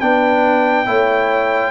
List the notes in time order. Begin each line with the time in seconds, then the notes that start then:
0.00 B3 D4 B4 G5
0.86 A3 E4 C#5